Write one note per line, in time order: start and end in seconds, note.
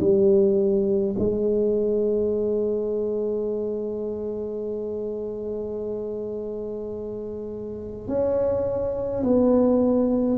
0.00 1.15 G3
1.19 8.07 G#3
8.07 9.23 C#4
9.23 10.38 B3